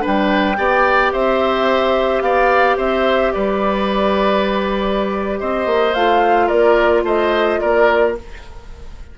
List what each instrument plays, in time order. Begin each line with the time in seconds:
0.00 clarinet D4, oboe B4, flute G5
0.06 bassoon G3
0.57 bassoon B3, clarinet G4, oboe D5
1.12 bassoon C4, oboe C5, flute E5
2.22 bassoon B3, oboe D5, flute F5
2.77 bassoon C4, oboe C5, flute E5
3.32 bassoon G3, oboe B4, flute D5
5.39 bassoon C4, oboe C5, flute D#5
5.66 bassoon A#3
5.94 bassoon A3, clarinet F4, flute F5
6.46 bassoon A#3, oboe A#4, flute D5
7.03 bassoon A3, oboe C5, flute D#5
7.60 bassoon A#3, oboe A#4, flute D5